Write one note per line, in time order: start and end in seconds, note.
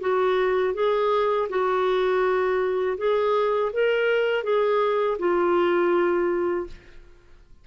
0.00 0.74 F#4
0.74 1.48 G#4
1.49 2.97 F#4
2.98 3.72 G#4
3.73 4.43 A#4
4.43 5.18 G#4
5.19 6.67 F4